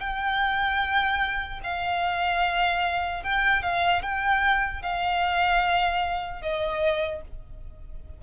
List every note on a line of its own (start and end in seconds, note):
0.00 1.60 G5
1.63 3.23 F5
3.23 3.63 G5
3.63 4.02 F5
4.02 4.82 G5
4.82 6.41 F5
6.41 7.21 D#5